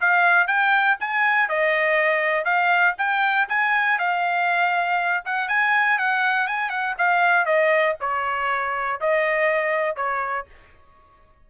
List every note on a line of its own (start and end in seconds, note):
0.00 0.47 F5
0.47 0.97 G5
1.00 1.48 G#5
1.48 2.45 D#5
2.45 2.95 F5
2.98 3.48 G5
3.48 3.98 G#5
3.99 5.24 F5
5.25 5.48 F#5
5.48 5.98 G#5
5.98 6.47 F#5
6.47 6.70 G#5
6.70 6.95 F#5
6.98 7.45 F5
7.45 7.95 D#5
8.00 9.00 C#5
9.00 9.96 D#5
9.96 10.46 C#5